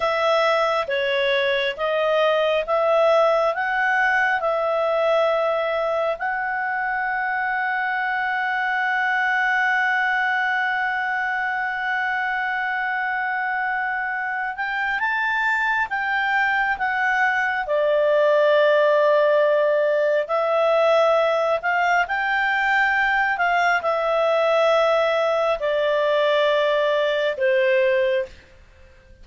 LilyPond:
\new Staff \with { instrumentName = "clarinet" } { \time 4/4 \tempo 4 = 68 e''4 cis''4 dis''4 e''4 | fis''4 e''2 fis''4~ | fis''1~ | fis''1~ |
fis''8 g''8 a''4 g''4 fis''4 | d''2. e''4~ | e''8 f''8 g''4. f''8 e''4~ | e''4 d''2 c''4 | }